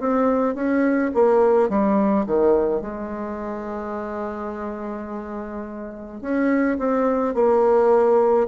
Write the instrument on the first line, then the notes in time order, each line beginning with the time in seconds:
bassoon
0.00 C4
0.55 C#4
1.15 A#3
1.69 G3
2.26 D#3
2.82 G#3
6.22 C#4
6.79 C4
7.35 A#3